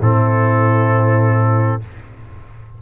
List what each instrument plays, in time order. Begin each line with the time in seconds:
0.00 tuba A2, trombone C4, horn E4, trumpet A4